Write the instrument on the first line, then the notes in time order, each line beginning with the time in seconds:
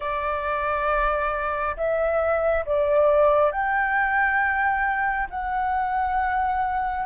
flute
0.00 D5
1.76 E5
2.65 D5
3.51 G5
5.30 F#5